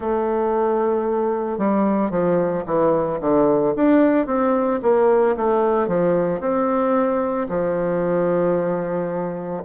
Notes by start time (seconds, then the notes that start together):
0.00 A3
1.58 G3
2.10 F3
2.65 E3
3.20 D3
3.75 D4
4.26 C4
4.82 A#3
5.36 A3
5.87 F3
6.40 C4
7.49 F3